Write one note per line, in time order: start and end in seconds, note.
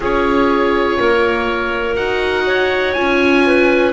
0.00 0.98 C#4
0.00 1.97 F4
0.00 0.98 G#4
0.00 1.95 C#5
0.98 1.97 A#3
0.98 2.45 A#4
1.95 2.95 D#4
1.95 2.95 F#4
1.95 2.93 F#5
2.46 3.44 C#5
2.93 3.92 C#4
2.93 3.92 F4
2.93 3.91 G#5
3.45 3.92 B4